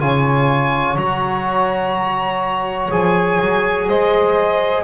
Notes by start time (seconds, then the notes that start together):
0.00 C#3 F4 C#5 G#5
0.96 F#3 F#4 A#5
2.91 F3 G#4 G#5
3.41 F#3
3.88 G#3 C5 D#5